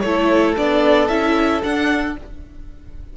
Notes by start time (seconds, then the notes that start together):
0.00 A3 E4 A4 C#5
0.57 B3 D4 D5
1.08 C#4 E4 E5
1.63 D4 F#5